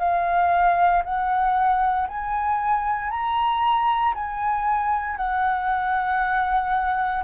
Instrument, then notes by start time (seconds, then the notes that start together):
flute
0.00 F5
1.05 F#5
2.08 G#5
3.11 A#5
4.15 G#5
5.17 F#5